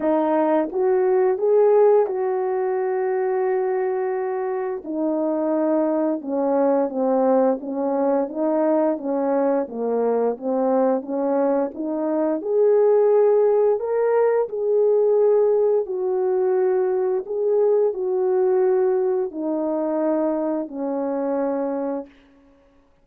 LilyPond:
\new Staff \with { instrumentName = "horn" } { \time 4/4 \tempo 4 = 87 dis'4 fis'4 gis'4 fis'4~ | fis'2. dis'4~ | dis'4 cis'4 c'4 cis'4 | dis'4 cis'4 ais4 c'4 |
cis'4 dis'4 gis'2 | ais'4 gis'2 fis'4~ | fis'4 gis'4 fis'2 | dis'2 cis'2 | }